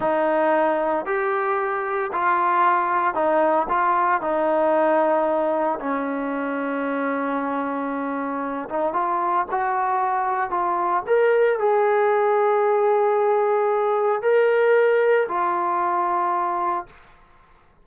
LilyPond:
\new Staff \with { instrumentName = "trombone" } { \time 4/4 \tempo 4 = 114 dis'2 g'2 | f'2 dis'4 f'4 | dis'2. cis'4~ | cis'1~ |
cis'8 dis'8 f'4 fis'2 | f'4 ais'4 gis'2~ | gis'2. ais'4~ | ais'4 f'2. | }